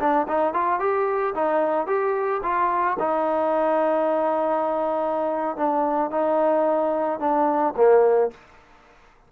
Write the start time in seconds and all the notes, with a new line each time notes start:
0.00 D4
0.29 D#4
0.54 F4
0.80 G4
1.35 D#4
1.87 G4
2.43 F4
3.00 D#4
5.57 D4
6.11 D#4
7.20 D4
7.77 A#3